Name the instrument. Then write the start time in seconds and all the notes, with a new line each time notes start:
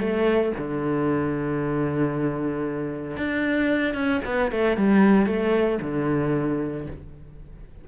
cello
0.00 A3
0.58 D3
3.17 D4
3.95 C#4
4.25 B3
4.52 A3
4.77 G3
5.27 A3
5.82 D3